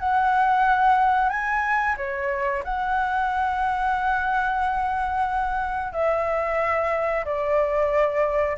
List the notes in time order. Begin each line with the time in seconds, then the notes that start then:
0.00 F#5
1.30 G#5
1.98 C#5
2.65 F#5
5.93 E5
7.26 D5